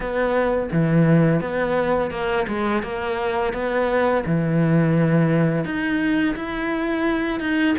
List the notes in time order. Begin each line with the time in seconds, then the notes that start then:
0.00 B3
0.72 E3
1.41 B3
2.10 A#3
2.47 G#3
2.82 A#3
3.53 B3
4.25 E3
5.64 D#4
6.36 E4
7.39 D#4